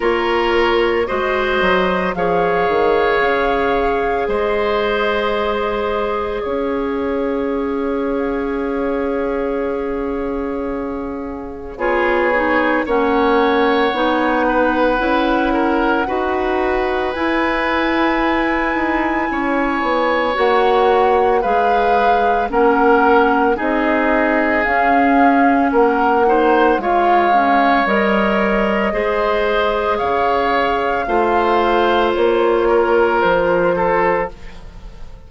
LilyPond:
<<
  \new Staff \with { instrumentName = "flute" } { \time 4/4 \tempo 4 = 56 cis''4 dis''4 f''2 | dis''2 f''2~ | f''2. cis''4 | fis''1 |
gis''2. fis''4 | f''4 fis''4 dis''4 f''4 | fis''4 f''4 dis''2 | f''2 cis''4 c''4 | }
  \new Staff \with { instrumentName = "oboe" } { \time 4/4 ais'4 c''4 cis''2 | c''2 cis''2~ | cis''2. gis'4 | cis''4. b'4 ais'8 b'4~ |
b'2 cis''2 | b'4 ais'4 gis'2 | ais'8 c''8 cis''2 c''4 | cis''4 c''4. ais'4 a'8 | }
  \new Staff \with { instrumentName = "clarinet" } { \time 4/4 f'4 fis'4 gis'2~ | gis'1~ | gis'2. f'8 dis'8 | cis'4 dis'4 e'4 fis'4 |
e'2. fis'4 | gis'4 cis'4 dis'4 cis'4~ | cis'8 dis'8 f'8 cis'8 ais'4 gis'4~ | gis'4 f'2. | }
  \new Staff \with { instrumentName = "bassoon" } { \time 4/4 ais4 gis8 fis8 f8 dis8 cis4 | gis2 cis'2~ | cis'2. b4 | ais4 b4 cis'4 dis'4 |
e'4. dis'8 cis'8 b8 ais4 | gis4 ais4 c'4 cis'4 | ais4 gis4 g4 gis4 | cis4 a4 ais4 f4 | }
>>